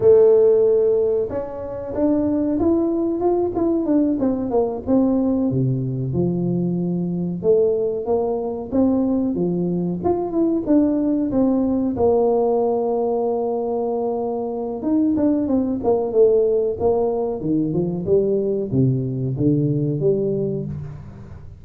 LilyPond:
\new Staff \with { instrumentName = "tuba" } { \time 4/4 \tempo 4 = 93 a2 cis'4 d'4 | e'4 f'8 e'8 d'8 c'8 ais8 c'8~ | c'8 c4 f2 a8~ | a8 ais4 c'4 f4 f'8 |
e'8 d'4 c'4 ais4.~ | ais2. dis'8 d'8 | c'8 ais8 a4 ais4 dis8 f8 | g4 c4 d4 g4 | }